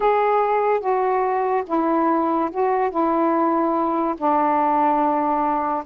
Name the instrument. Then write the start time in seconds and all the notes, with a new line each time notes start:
saxophone
0.00 G#4
0.80 F#4
1.67 E4
2.51 F#4
2.90 E4
4.17 D4